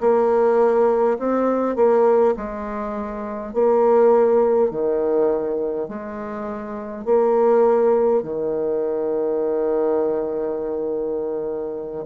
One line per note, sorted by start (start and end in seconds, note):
0.00 1.18 A#3
1.19 1.76 C4
1.76 2.35 A#3
2.36 3.53 G#3
3.53 4.71 A#3
4.71 5.88 D#3
5.88 7.05 G#3
7.05 8.22 A#3
8.22 12.05 D#3